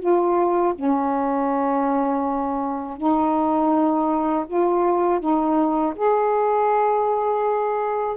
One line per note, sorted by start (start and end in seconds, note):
0.00 0.74 F4
0.75 2.98 C#4
2.98 4.46 D#4
4.47 5.20 F4
5.20 5.94 D#4
5.96 8.17 G#4